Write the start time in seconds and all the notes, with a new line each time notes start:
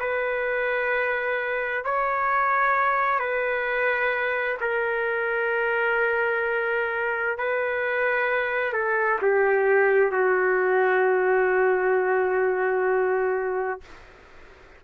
0.00 B4
1.85 C#5
3.19 B4
4.61 A#4
7.38 B4
8.73 A4
9.22 G4
10.12 F#4